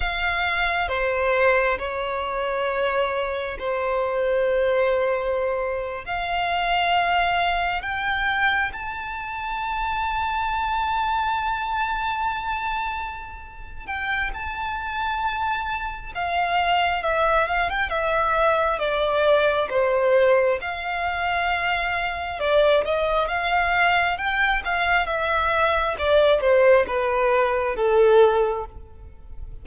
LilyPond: \new Staff \with { instrumentName = "violin" } { \time 4/4 \tempo 4 = 67 f''4 c''4 cis''2 | c''2~ c''8. f''4~ f''16~ | f''8. g''4 a''2~ a''16~ | a''2.~ a''8 g''8 |
a''2 f''4 e''8 f''16 g''16 | e''4 d''4 c''4 f''4~ | f''4 d''8 dis''8 f''4 g''8 f''8 | e''4 d''8 c''8 b'4 a'4 | }